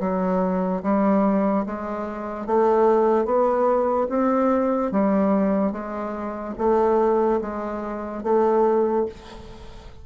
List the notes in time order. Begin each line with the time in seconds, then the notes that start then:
0.00 F#3
0.83 G3
1.66 G#3
2.46 A3
3.25 B3
4.09 C4
4.91 G3
5.72 G#3
6.58 A3
7.41 G#3
8.23 A3